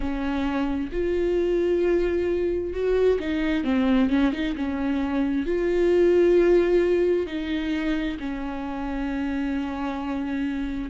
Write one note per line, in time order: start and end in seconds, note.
0.00 0.90 C#4
0.92 2.73 F4
2.73 3.19 F#4
3.19 3.64 D#4
3.64 4.09 C4
4.09 4.32 C#4
4.32 4.55 D#4
4.56 5.45 C#4
5.45 7.26 F4
7.26 8.17 D#4
8.19 10.90 C#4